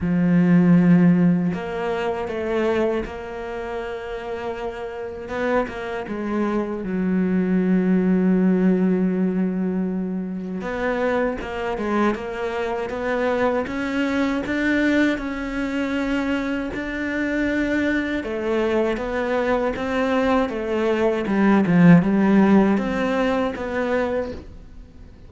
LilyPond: \new Staff \with { instrumentName = "cello" } { \time 4/4 \tempo 4 = 79 f2 ais4 a4 | ais2. b8 ais8 | gis4 fis2.~ | fis2 b4 ais8 gis8 |
ais4 b4 cis'4 d'4 | cis'2 d'2 | a4 b4 c'4 a4 | g8 f8 g4 c'4 b4 | }